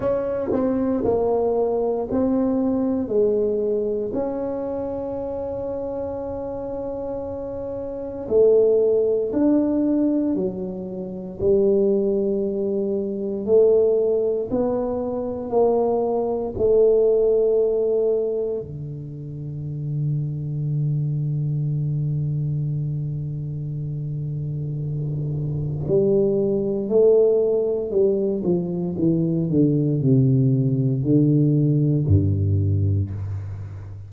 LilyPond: \new Staff \with { instrumentName = "tuba" } { \time 4/4 \tempo 4 = 58 cis'8 c'8 ais4 c'4 gis4 | cis'1 | a4 d'4 fis4 g4~ | g4 a4 b4 ais4 |
a2 d2~ | d1~ | d4 g4 a4 g8 f8 | e8 d8 c4 d4 g,4 | }